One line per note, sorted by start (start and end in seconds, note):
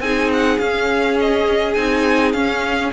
0.00 0.58 C4
0.00 0.61 D#4
0.00 2.93 G#4
0.00 0.31 G#5
0.33 0.59 F#5
0.59 1.76 C#4
0.59 1.77 C#4
0.59 1.18 F5
1.21 1.74 D#5
1.74 2.34 C4
1.74 2.35 D#4
1.74 2.33 G#5
2.33 2.92 C#4
2.33 2.93 C#4
2.33 2.91 F5